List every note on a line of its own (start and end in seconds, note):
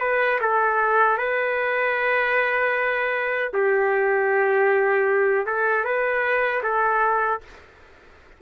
0.00 0.39 B4
0.41 1.17 A4
1.17 3.51 B4
3.53 5.46 G4
5.46 5.84 A4
5.84 6.62 B4
6.63 7.41 A4